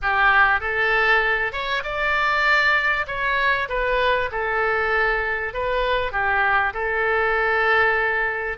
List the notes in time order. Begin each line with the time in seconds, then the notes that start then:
0.01 G4
0.60 A4
1.52 C#5
1.83 D5
3.07 C#5
3.68 B4
4.31 A4
5.53 B4
6.12 G4
6.73 A4